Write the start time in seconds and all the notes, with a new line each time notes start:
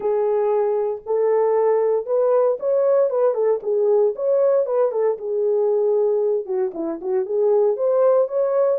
0.00 G#4
1.06 A4
2.05 B4
2.59 C#5
3.10 B4
3.34 A4
3.62 G#4
4.15 C#5
4.66 B4
4.91 A4
5.17 G#4
6.45 F#4
6.74 E4
7.01 F#4
7.25 G#4
7.76 C5
8.28 C#5